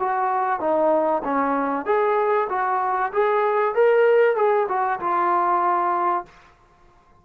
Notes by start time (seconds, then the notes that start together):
0.00 F#4
0.60 D#4
1.24 C#4
1.86 G#4
2.50 F#4
3.13 G#4
3.75 A#4
4.36 G#4
4.69 F#4
5.01 F4